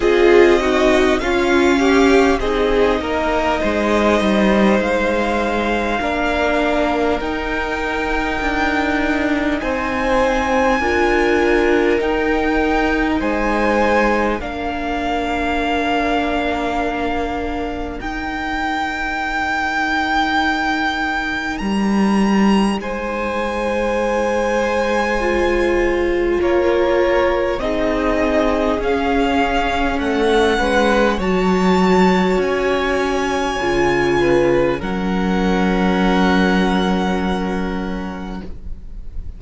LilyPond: <<
  \new Staff \with { instrumentName = "violin" } { \time 4/4 \tempo 4 = 50 dis''4 f''4 dis''2 | f''2 g''2 | gis''2 g''4 gis''4 | f''2. g''4~ |
g''2 ais''4 gis''4~ | gis''2 cis''4 dis''4 | f''4 fis''4 a''4 gis''4~ | gis''4 fis''2. | }
  \new Staff \with { instrumentName = "violin" } { \time 4/4 gis'8 fis'8 f'8 g'8 gis'8 ais'8 c''4~ | c''4 ais'2. | c''4 ais'2 c''4 | ais'1~ |
ais'2. c''4~ | c''2 ais'4 gis'4~ | gis'4 a'8 b'8 cis''2~ | cis''8 b'8 ais'2. | }
  \new Staff \with { instrumentName = "viola" } { \time 4/4 f'8 dis'8 cis'4 dis'2~ | dis'4 d'4 dis'2~ | dis'4 f'4 dis'2 | d'2. dis'4~ |
dis'1~ | dis'4 f'2 dis'4 | cis'2 fis'2 | f'4 cis'2. | }
  \new Staff \with { instrumentName = "cello" } { \time 4/4 c'4 cis'4 c'8 ais8 gis8 g8 | gis4 ais4 dis'4 d'4 | c'4 d'4 dis'4 gis4 | ais2. dis'4~ |
dis'2 g4 gis4~ | gis2 ais4 c'4 | cis'4 a8 gis8 fis4 cis'4 | cis4 fis2. | }
>>